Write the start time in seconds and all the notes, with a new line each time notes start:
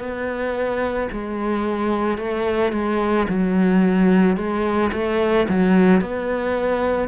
0.00 B3
1.13 G#3
2.18 A3
2.73 G#3
3.29 F#3
4.37 G#3
4.93 A3
5.49 F#3
6.01 B3